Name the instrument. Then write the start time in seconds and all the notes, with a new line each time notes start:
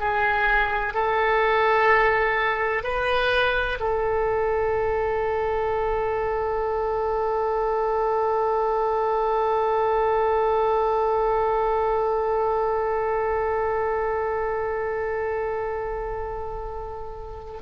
oboe
0.00 G#4
0.94 A4
2.84 B4
3.80 A4